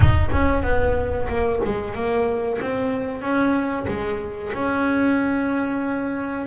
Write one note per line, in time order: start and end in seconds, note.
0.00 0.29 D#4
0.32 0.62 C#4
0.62 1.27 B3
1.28 1.60 A#3
1.65 1.94 G#3
1.94 2.59 A#3
2.61 3.21 C4
3.21 3.86 C#4
3.87 4.52 G#3
4.53 6.46 C#4